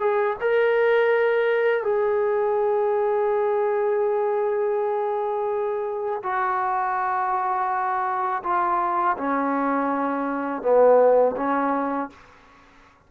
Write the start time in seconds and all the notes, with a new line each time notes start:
0.00 G#4
0.41 A#4
1.83 G#4
6.23 F#4
8.43 F4
9.18 C#4
10.62 B3
11.37 C#4